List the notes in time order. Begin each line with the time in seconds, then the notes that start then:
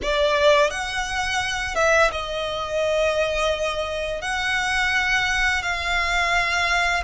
0.02 D5
0.70 F#5
1.75 E5
2.11 D#5
4.21 F#5
5.62 F5